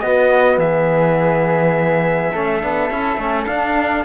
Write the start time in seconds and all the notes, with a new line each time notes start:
0.00 B3 F#4 D#5
0.57 E3 G#4 E5
2.32 A3 C#4 A4
2.61 B3 D4
2.90 C#4 E4
3.17 A3 C#4
3.46 D4 F5